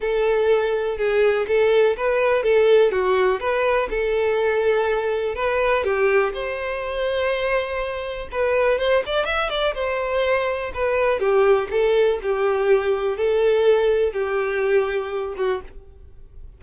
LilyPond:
\new Staff \with { instrumentName = "violin" } { \time 4/4 \tempo 4 = 123 a'2 gis'4 a'4 | b'4 a'4 fis'4 b'4 | a'2. b'4 | g'4 c''2.~ |
c''4 b'4 c''8 d''8 e''8 d''8 | c''2 b'4 g'4 | a'4 g'2 a'4~ | a'4 g'2~ g'8 fis'8 | }